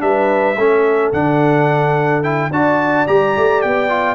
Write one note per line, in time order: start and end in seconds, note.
0.00 0.57 G3
0.00 0.56 D4
0.00 0.59 B4
0.00 1.13 E5
0.57 1.13 A3
0.57 1.14 C#4
0.57 2.53 A4
1.13 2.51 D3
1.13 2.23 D4
1.13 2.23 F#5
2.23 2.51 E4
2.23 2.51 G5
2.51 3.06 D4
2.51 3.07 F#4
2.51 4.15 D5
2.51 3.08 A5
3.07 3.36 G3
3.07 3.89 G4
3.07 3.62 A#5
3.37 3.64 A3
3.62 4.15 B3
3.62 4.15 G5
3.89 4.15 F4